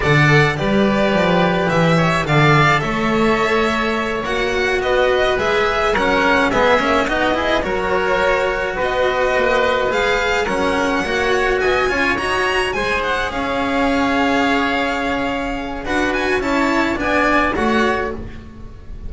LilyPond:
<<
  \new Staff \with { instrumentName = "violin" } { \time 4/4 \tempo 4 = 106 fis''4 d''2 e''4 | f''4 e''2~ e''8 fis''8~ | fis''8 dis''4 e''4 fis''4 e''8~ | e''8 dis''4 cis''2 dis''8~ |
dis''4. f''4 fis''4.~ | fis''8 gis''4 ais''4 gis''8 fis''8 f''8~ | f''1 | fis''8 gis''8 a''4 gis''4 fis''4 | }
  \new Staff \with { instrumentName = "oboe" } { \time 4/4 d''4 b'2~ b'8 cis''8 | d''4 cis''2.~ | cis''8 b'2 ais'4 gis'8~ | gis'8 fis'8 gis'8 ais'2 b'8~ |
b'2~ b'8 ais'4 cis''8~ | cis''8 dis''8 cis''4. c''4 cis''8~ | cis''1 | b'4 cis''4 d''4 cis''4 | }
  \new Staff \with { instrumentName = "cello" } { \time 4/4 a'4 g'2. | a'2.~ a'8 fis'8~ | fis'4. gis'4 cis'4 b8 | cis'8 dis'8 e'8 fis'2~ fis'8~ |
fis'4. gis'4 cis'4 fis'8~ | fis'4 f'8 fis'4 gis'4.~ | gis'1 | fis'4 e'4 d'4 fis'4 | }
  \new Staff \with { instrumentName = "double bass" } { \time 4/4 d4 g4 f4 e4 | d4 a2~ a8 ais8~ | ais8 b4 gis4 fis4 gis8 | ais8 b4 fis2 b8~ |
b8 ais4 gis4 fis4 ais8~ | ais8 b8 cis'8 dis'4 gis4 cis'8~ | cis'1 | d'4 cis'4 b4 a4 | }
>>